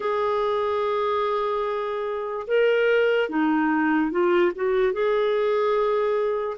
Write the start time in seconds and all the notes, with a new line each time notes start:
0.00 G#4
2.47 A#4
3.29 D#4
4.11 F4
4.55 F#4
4.92 G#4